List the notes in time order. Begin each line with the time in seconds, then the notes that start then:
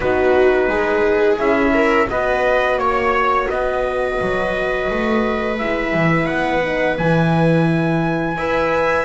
0.00 B3 D#4 F#4 B4
0.67 G#3 G#4
1.37 C#4 E4 E5
1.73 A#4
2.09 B3 F#4 B4 D#5
2.77 A#3 C#5
3.49 B3 B4 D#5
4.21 F#3
4.90 A3
5.58 G#3 E4 E5
5.93 E3
6.26 B3 F#5
6.62 D#4
6.97 E3 E4 G#5
8.36 E4 B4 E5